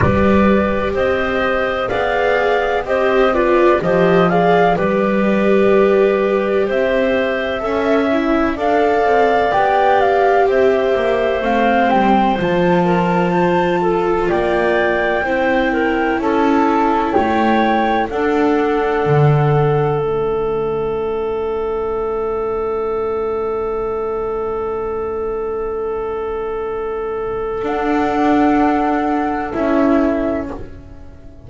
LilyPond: <<
  \new Staff \with { instrumentName = "flute" } { \time 4/4 \tempo 4 = 63 d''4 dis''4 f''4 dis''8 d''8 | dis''8 f''8 d''2 e''4~ | e''4 f''4 g''8 f''8 e''4 | f''8 g''8 a''2 g''4~ |
g''4 a''4 g''4 fis''4~ | fis''4 e''2.~ | e''1~ | e''4 fis''2 e''4 | }
  \new Staff \with { instrumentName = "clarinet" } { \time 4/4 b'4 c''4 d''4 c''8 b'8 | c''8 d''8 b'2 c''4 | e''4 d''2 c''4~ | c''4. ais'8 c''8 a'8 d''4 |
c''8 ais'8 a'4 cis''4 a'4~ | a'1~ | a'1~ | a'1 | }
  \new Staff \with { instrumentName = "viola" } { \time 4/4 g'2 gis'4 g'8 f'8 | g'8 gis'8 g'2. | a'8 e'8 a'4 g'2 | c'4 f'2. |
e'2. d'4~ | d'4 cis'2.~ | cis'1~ | cis'4 d'2 e'4 | }
  \new Staff \with { instrumentName = "double bass" } { \time 4/4 g4 c'4 b4 c'4 | f4 g2 c'4 | cis'4 d'8 c'8 b4 c'8 ais8 | a8 g8 f2 ais4 |
c'4 cis'4 a4 d'4 | d4 a2.~ | a1~ | a4 d'2 cis'4 | }
>>